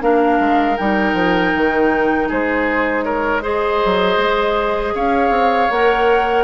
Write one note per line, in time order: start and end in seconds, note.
0.00 0.39 A#3
0.00 0.76 D4
0.00 2.28 A#4
0.00 0.77 F5
0.39 0.77 G#3
0.77 1.13 G3
0.77 3.41 D#4
0.77 2.29 G5
1.13 1.51 F3
1.55 2.31 D#3
2.28 3.83 G#3
2.28 3.04 G#4
2.28 3.03 C5
3.03 3.42 A#4
3.03 3.41 C#5
3.41 5.69 G#4
3.41 4.94 C5
3.41 4.95 D#5
3.84 4.17 F#3
4.17 4.93 G#3
4.94 5.29 C#4
4.94 6.44 C#5
4.94 5.71 F5
5.29 5.67 C4
5.70 6.44 A#3
5.70 6.44 A#4
5.70 6.44 F#5